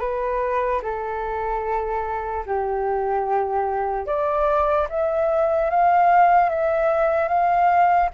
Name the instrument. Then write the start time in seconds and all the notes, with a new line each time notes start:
flute
0.00 B4
0.82 A4
2.46 G4
4.06 D5
4.89 E5
5.70 F5
6.49 E5
7.28 F5